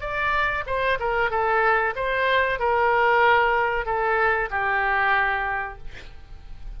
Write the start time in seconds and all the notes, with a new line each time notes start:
0.00 D5
0.66 C5
0.99 A#4
1.30 A4
1.95 C5
2.59 A#4
3.85 A4
4.50 G4